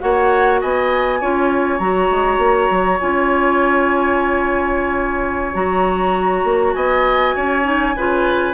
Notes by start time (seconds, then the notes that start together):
0.00 A#3 F#4 C#5 F#5
0.61 B3 D#5 G#5
1.20 C#4 F4 C#5
1.79 F#3 F#4 A#5
2.10 G#3
2.38 A#3
2.71 F#3
3.00 C#4 F4 G#5
5.54 F#3 F#4 A#5
6.44 A#3
6.74 B3 D#5 G#5
7.36 C#4 C#5
7.64 D#4
7.96 C#3 F4 B4